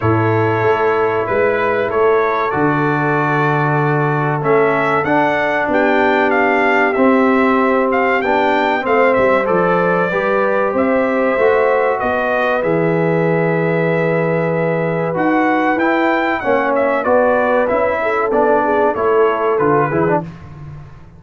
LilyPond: <<
  \new Staff \with { instrumentName = "trumpet" } { \time 4/4 \tempo 4 = 95 cis''2 b'4 cis''4 | d''2. e''4 | fis''4 g''4 f''4 e''4~ | e''8 f''8 g''4 f''8 e''8 d''4~ |
d''4 e''2 dis''4 | e''1 | fis''4 g''4 fis''8 e''8 d''4 | e''4 d''4 cis''4 b'4 | }
  \new Staff \with { instrumentName = "horn" } { \time 4/4 a'2 b'4 a'4~ | a'1~ | a'4 g'2.~ | g'2 c''2 |
b'4 c''2 b'4~ | b'1~ | b'2 cis''4 b'4~ | b'8 a'4 gis'8 a'4. gis'8 | }
  \new Staff \with { instrumentName = "trombone" } { \time 4/4 e'1 | fis'2. cis'4 | d'2. c'4~ | c'4 d'4 c'4 a'4 |
g'2 fis'2 | gis'1 | fis'4 e'4 cis'4 fis'4 | e'4 d'4 e'4 f'8 e'16 d'16 | }
  \new Staff \with { instrumentName = "tuba" } { \time 4/4 a,4 a4 gis4 a4 | d2. a4 | d'4 b2 c'4~ | c'4 b4 a8 g8 f4 |
g4 c'4 a4 b4 | e1 | dis'4 e'4 ais4 b4 | cis'4 b4 a4 d8 e8 | }
>>